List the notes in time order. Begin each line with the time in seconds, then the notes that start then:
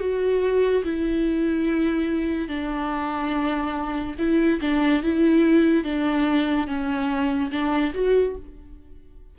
0.00 F#4
0.84 E4
2.48 D4
4.19 E4
4.61 D4
5.03 E4
5.84 D4
6.67 C#4
7.52 D4
7.94 F#4